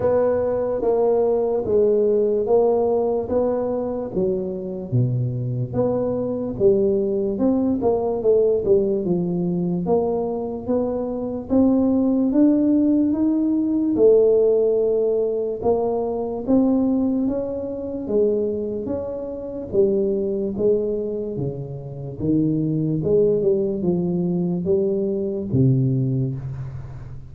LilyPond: \new Staff \with { instrumentName = "tuba" } { \time 4/4 \tempo 4 = 73 b4 ais4 gis4 ais4 | b4 fis4 b,4 b4 | g4 c'8 ais8 a8 g8 f4 | ais4 b4 c'4 d'4 |
dis'4 a2 ais4 | c'4 cis'4 gis4 cis'4 | g4 gis4 cis4 dis4 | gis8 g8 f4 g4 c4 | }